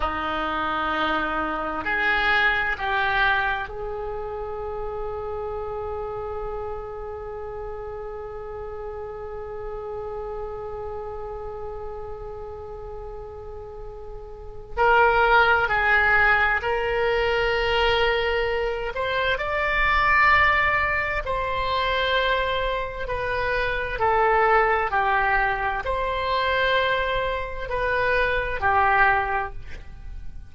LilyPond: \new Staff \with { instrumentName = "oboe" } { \time 4/4 \tempo 4 = 65 dis'2 gis'4 g'4 | gis'1~ | gis'1~ | gis'1 |
ais'4 gis'4 ais'2~ | ais'8 c''8 d''2 c''4~ | c''4 b'4 a'4 g'4 | c''2 b'4 g'4 | }